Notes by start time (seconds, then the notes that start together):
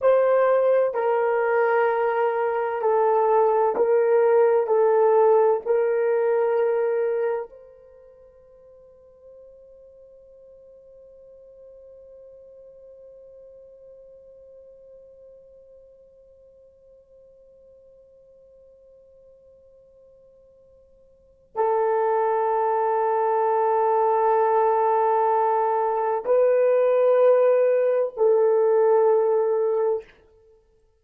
0.01 C5
0.94 A#4
2.81 A4
3.76 A#4
4.66 A4
5.65 A#4
7.49 C5
21.55 A4
26.25 B4
28.16 A4